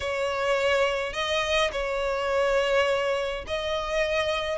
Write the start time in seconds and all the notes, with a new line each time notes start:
0.00 C#5
1.12 D#5
1.72 C#5
3.47 D#5